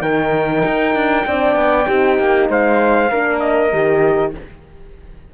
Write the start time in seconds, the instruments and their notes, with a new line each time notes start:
0.00 cello D#3, horn D#4, flute A#4, trumpet G5
0.64 cello D#4
0.94 cello D4
1.26 cello C4, horn D4, flute D5
1.55 cello B3
1.85 cello C4, horn D#4, flute G4
2.18 cello A#3
2.49 cello G#3, flute C5, trumpet F5
3.10 cello A#3, horn D4, flute A#4
3.39 trumpet D#5
3.72 cello D#3, horn G4